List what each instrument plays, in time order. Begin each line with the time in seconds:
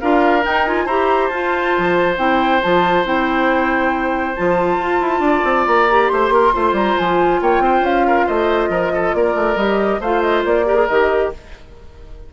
0.00 bassoon D4, clarinet F4, oboe A#4, flute F5
0.42 clarinet D#4, bassoon D#4, flute G5
0.66 clarinet F4, flute G#5
0.85 bassoon E4, clarinet G4, oboe C5, flute A#5
1.28 bassoon F4, clarinet F4, flute A5
1.78 bassoon F3
2.17 bassoon C4, clarinet E4, flute G5
2.62 bassoon F3, clarinet F4, flute A5
3.04 bassoon C4, clarinet E4, flute G5
4.35 bassoon F3, clarinet F4, flute A5
4.77 bassoon F4
5.00 bassoon E4
5.19 bassoon D4
5.25 oboe D5
5.44 bassoon C4
5.67 bassoon A#3, flute A#5
5.89 clarinet G4
6.07 bassoon A3, oboe C5, flute C6
6.29 bassoon A#3, oboe A#4
6.53 bassoon A3, clarinet F4, oboe C5
6.72 bassoon G3, flute A#5
6.98 bassoon F3, flute G#5
7.41 bassoon A#3, oboe C#5, flute G5
7.60 bassoon C4, oboe C5
7.80 bassoon C#4, flute F5
8.07 oboe A#4
8.26 bassoon A3, oboe C5, flute D#5
8.68 bassoon F3, oboe A#4
8.94 oboe A4
9.14 bassoon A#3, oboe A#4, flute D5
9.34 bassoon A3
9.55 bassoon G3, clarinet G4, flute D#5
10.00 bassoon A3, clarinet F4, oboe C5, flute F5
10.21 flute D#5
10.44 bassoon A#3, flute D5
10.65 clarinet G4, oboe A#4
10.75 clarinet G#4
10.87 bassoon D#3, clarinet G4, flute D#5